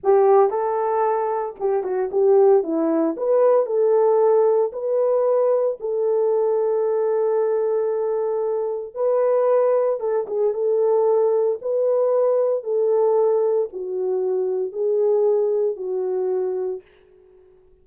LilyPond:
\new Staff \with { instrumentName = "horn" } { \time 4/4 \tempo 4 = 114 g'4 a'2 g'8 fis'8 | g'4 e'4 b'4 a'4~ | a'4 b'2 a'4~ | a'1~ |
a'4 b'2 a'8 gis'8 | a'2 b'2 | a'2 fis'2 | gis'2 fis'2 | }